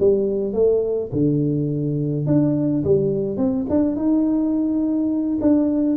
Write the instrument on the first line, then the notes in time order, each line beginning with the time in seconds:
tuba
0.00 G3
0.54 A3
1.13 D3
2.27 D4
2.84 G3
3.38 C4
3.70 D4
3.97 D#4
5.42 D4